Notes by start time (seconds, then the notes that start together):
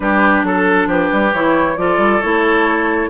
0.00 G3 D4 G4 B4
0.43 F#3 A4
0.86 F3 G4 B4
1.12 G3
1.33 E3 E4 C#5
1.76 F3 F4 A4 D5
1.97 G3
2.21 A3 E4 C#5